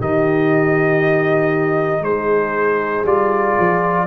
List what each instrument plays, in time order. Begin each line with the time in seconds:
0.00 tuba D#3, trombone D#4, horn G4, trumpet D#5
2.01 tuba G#3, horn G#4, trumpet C5
3.04 tuba G3, trombone F4, trumpet D5
3.59 tuba F3